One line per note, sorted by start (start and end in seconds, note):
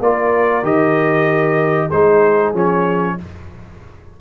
0.00 0.63 A#3
0.00 0.63 F4
0.00 1.88 A#4
0.00 0.65 D5
0.63 1.89 D#3
0.63 1.89 G4
0.63 1.90 D#5
1.88 2.54 G#3
1.88 2.54 D#4
1.88 3.14 G#4
1.88 2.53 C5
2.54 3.17 F3
2.54 3.18 C#4
2.54 3.20 C#5